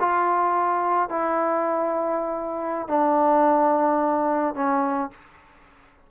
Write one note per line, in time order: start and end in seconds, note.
0.00 1.10 F4
1.10 2.88 E4
2.88 4.55 D4
4.55 5.11 C#4